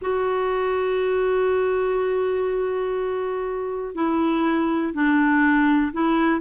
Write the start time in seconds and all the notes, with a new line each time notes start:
0.01 F#4
3.94 E4
4.93 D4
5.92 E4